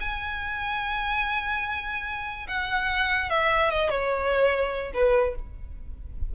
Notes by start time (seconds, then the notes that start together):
0.00 G#5
2.48 F#5
3.30 E5
3.70 D#5
3.89 C#5
4.94 B4